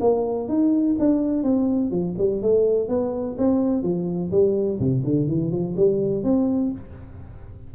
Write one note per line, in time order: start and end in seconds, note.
0.00 0.48 A#3
0.48 0.96 D#4
0.99 1.43 D4
1.43 1.91 C4
1.91 2.15 F3
2.18 2.42 G3
2.42 2.88 A3
2.88 3.36 B3
3.38 3.82 C4
3.82 4.30 F3
4.31 4.79 G3
4.80 5.04 C3
5.04 5.28 D3
5.28 5.51 E3
5.51 5.75 F3
5.76 6.23 G3
6.23 6.71 C4